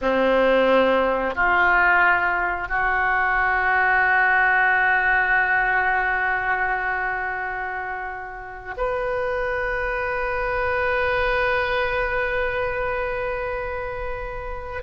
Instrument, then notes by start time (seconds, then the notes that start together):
oboe
0.01 C4
1.35 F4
2.68 F#4
8.77 B4